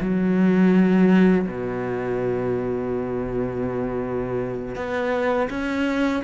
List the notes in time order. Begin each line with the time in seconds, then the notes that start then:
0.00 F#3
1.47 B2
4.76 B3
5.50 C#4